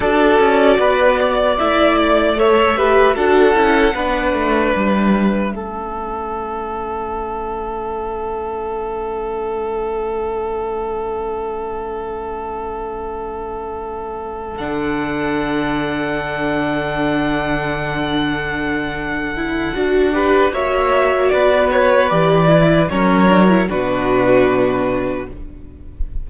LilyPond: <<
  \new Staff \with { instrumentName = "violin" } { \time 4/4 \tempo 4 = 76 d''2 e''8 d''8 e''4 | fis''2 e''2~ | e''1~ | e''1~ |
e''2~ e''8 fis''4.~ | fis''1~ | fis''2 e''4 d''8 cis''8 | d''4 cis''4 b'2 | }
  \new Staff \with { instrumentName = "violin" } { \time 4/4 a'4 b'8 d''4. cis''8 b'8 | a'4 b'2 a'4~ | a'1~ | a'1~ |
a'1~ | a'1~ | a'4. b'8 cis''4 b'4~ | b'4 ais'4 fis'2 | }
  \new Staff \with { instrumentName = "viola" } { \time 4/4 fis'2 e'4 a'8 g'8 | fis'8 e'8 d'2 cis'4~ | cis'1~ | cis'1~ |
cis'2~ cis'8 d'4.~ | d'1~ | d'8 e'8 fis'8 g'8 fis'2 | g'8 e'8 cis'8 d'16 e'16 d'2 | }
  \new Staff \with { instrumentName = "cello" } { \time 4/4 d'8 cis'8 b4 a2 | d'8 cis'8 b8 a8 g4 a4~ | a1~ | a1~ |
a2~ a8 d4.~ | d1~ | d4 d'4 ais4 b4 | e4 fis4 b,2 | }
>>